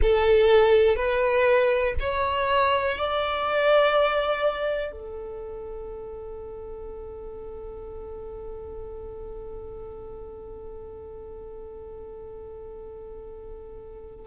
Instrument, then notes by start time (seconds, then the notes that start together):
violin
0.02 A4
0.96 B4
2.00 C#5
2.98 D5
4.91 A4